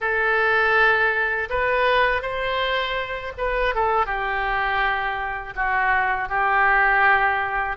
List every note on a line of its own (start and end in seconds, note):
0.00 1.48 A4
1.49 2.22 B4
2.22 3.33 C5
3.37 3.74 B4
3.74 4.06 A4
4.06 5.54 G4
5.55 6.28 F#4
6.28 7.76 G4